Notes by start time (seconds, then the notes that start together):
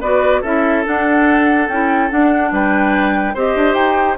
0.00 B3 F#4 B4 D5
0.41 C#4 E4 A4 E5
0.85 D4 F#5
1.68 C#4 E4 G5
2.10 D4 F#5
2.51 G3 B4 G5
3.34 C4 G4 C5 D#5
3.55 D4
3.74 D#4 G5